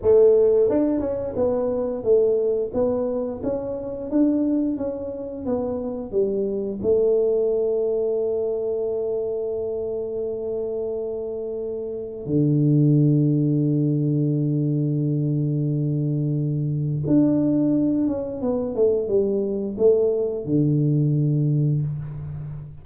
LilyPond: \new Staff \with { instrumentName = "tuba" } { \time 4/4 \tempo 4 = 88 a4 d'8 cis'8 b4 a4 | b4 cis'4 d'4 cis'4 | b4 g4 a2~ | a1~ |
a2 d2~ | d1~ | d4 d'4. cis'8 b8 a8 | g4 a4 d2 | }